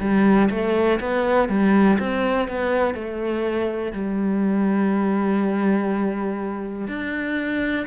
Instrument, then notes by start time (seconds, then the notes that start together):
cello
0.00 G3
0.51 A3
1.01 B3
1.49 G3
1.99 C4
2.49 B3
2.95 A3
3.93 G3
6.88 D4